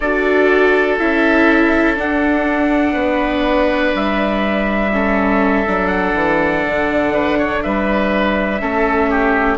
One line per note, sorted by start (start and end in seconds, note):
0.00 0.99 D4
0.00 0.99 F#4
0.00 2.93 A4
0.00 0.96 D5
0.98 1.98 C#4
0.98 1.96 E4
0.98 1.97 E5
1.96 4.91 D4
1.96 2.94 D4
1.96 3.95 F#5
2.93 3.93 B3
2.93 4.90 B4
3.94 5.66 G3
3.94 5.87 E5
4.92 5.66 C#4
4.92 7.13 A4
5.66 6.14 F#3
5.66 8.60 D4
5.87 7.59 F#5
6.14 6.63 E3
6.66 7.65 D3
7.13 7.38 B4
7.38 7.62 C#5
7.62 8.61 G3
7.62 8.61 B4
7.62 9.58 E5
8.60 9.58 A3
8.60 9.58 C#4
8.60 9.09 A4
9.09 9.58 G4